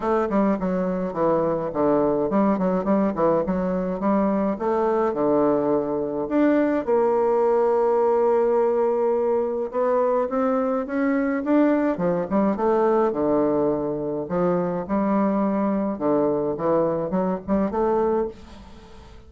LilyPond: \new Staff \with { instrumentName = "bassoon" } { \time 4/4 \tempo 4 = 105 a8 g8 fis4 e4 d4 | g8 fis8 g8 e8 fis4 g4 | a4 d2 d'4 | ais1~ |
ais4 b4 c'4 cis'4 | d'4 f8 g8 a4 d4~ | d4 f4 g2 | d4 e4 fis8 g8 a4 | }